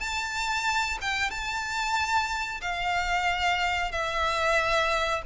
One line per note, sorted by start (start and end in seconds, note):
0.00 0.98 A5
1.01 1.30 G5
1.30 2.61 A5
2.61 3.92 F5
3.92 5.22 E5